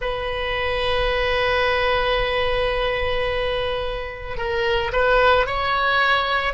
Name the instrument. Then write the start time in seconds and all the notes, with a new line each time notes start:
oboe
0.00 B4
4.37 A#4
4.92 B4
5.46 C#5